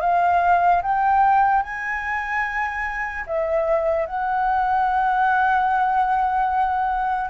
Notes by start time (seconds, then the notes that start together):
0.00 F5
0.82 G5
1.62 G#5
3.26 E5
4.06 F#5